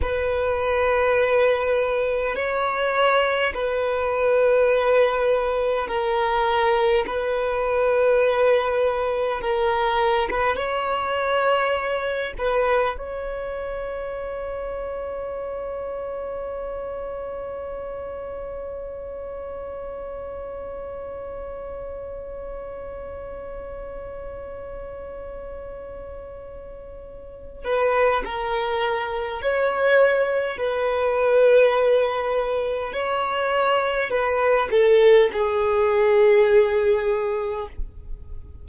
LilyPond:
\new Staff \with { instrumentName = "violin" } { \time 4/4 \tempo 4 = 51 b'2 cis''4 b'4~ | b'4 ais'4 b'2 | ais'8. b'16 cis''4. b'8 cis''4~ | cis''1~ |
cis''1~ | cis''2.~ cis''8 b'8 | ais'4 cis''4 b'2 | cis''4 b'8 a'8 gis'2 | }